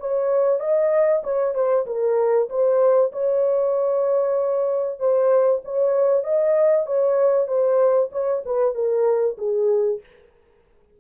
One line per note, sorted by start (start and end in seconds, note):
0.00 0.60 C#5
0.60 1.22 D#5
1.23 1.55 C#5
1.55 1.86 C5
1.86 2.49 A#4
2.49 3.12 C5
3.12 4.99 C#5
4.99 5.62 C5
5.64 6.24 C#5
6.24 6.86 D#5
6.86 7.47 C#5
7.47 8.10 C5
8.12 8.43 C#5
8.45 8.74 B4
8.74 9.37 A#4
9.38 10.00 G#4